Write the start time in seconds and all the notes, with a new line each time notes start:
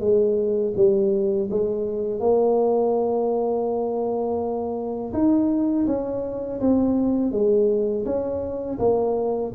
0.00 G#3
0.76 G3
1.50 G#3
2.20 A#3
5.13 D#4
5.87 C#4
6.60 C4
7.32 G#3
8.05 C#4
8.79 A#3